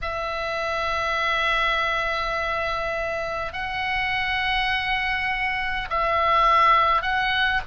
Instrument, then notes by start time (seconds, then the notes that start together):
oboe
0.01 E5
3.52 F#5
5.90 E5
7.02 F#5